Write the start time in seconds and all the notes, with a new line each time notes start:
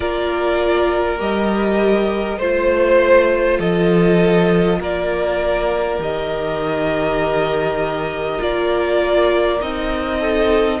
0.00 A#3 F4 A#4 D5
1.18 G3 G4 D#5
2.38 A3 F4 C5
3.58 F3 A4 D#5
4.79 A#3 A#4 D5
5.98 D#3 G4 D#5
8.38 A#3 F4 D5
9.60 C4 D#4 D#5
10.19 A4